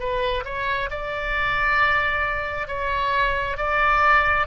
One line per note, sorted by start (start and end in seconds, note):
0.00 0.45 B4
0.46 0.90 C#5
0.91 2.68 D5
2.68 3.58 C#5
3.58 4.47 D5